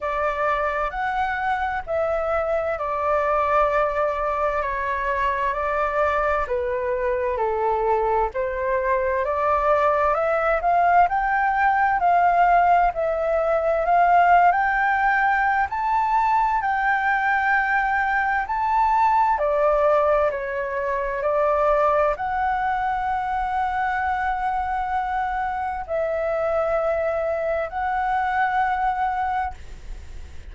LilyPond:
\new Staff \with { instrumentName = "flute" } { \time 4/4 \tempo 4 = 65 d''4 fis''4 e''4 d''4~ | d''4 cis''4 d''4 b'4 | a'4 c''4 d''4 e''8 f''8 | g''4 f''4 e''4 f''8. g''16~ |
g''4 a''4 g''2 | a''4 d''4 cis''4 d''4 | fis''1 | e''2 fis''2 | }